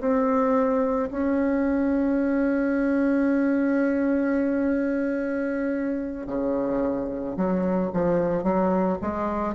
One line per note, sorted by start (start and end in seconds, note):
0.00 1.09 C4
1.11 6.27 C#4
6.27 7.36 C#3
7.36 7.91 F#3
7.93 8.43 F3
8.43 8.98 F#3
9.01 9.55 G#3